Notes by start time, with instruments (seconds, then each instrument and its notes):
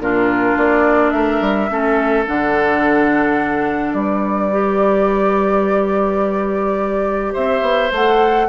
0.00 bassoon A#2, clarinet D4, oboe F4, flute A#4
0.58 bassoon A#3, flute D5
1.11 bassoon A3, oboe A#4, flute E5
1.41 bassoon G3
1.69 bassoon A3, clarinet C#4, oboe A4
2.27 bassoon D3, clarinet D4, flute F#5
3.94 bassoon G3, oboe B4, flute D5
4.51 clarinet G4
7.33 bassoon C4, oboe C5, flute E5
7.62 bassoon B3
7.92 bassoon A3, clarinet A4, flute F#5